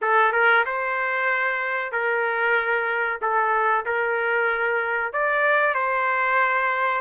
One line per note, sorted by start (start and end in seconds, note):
0.01 0.32 A4
0.32 0.64 A#4
0.65 1.91 C5
1.91 3.19 A#4
3.21 3.85 A4
3.85 5.12 A#4
5.12 5.74 D5
5.74 7.01 C5